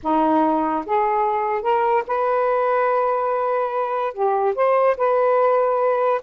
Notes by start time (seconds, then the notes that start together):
0.02 D#4
0.86 G#4
1.62 A#4
2.07 B4
4.13 G4
4.55 C5
4.97 B4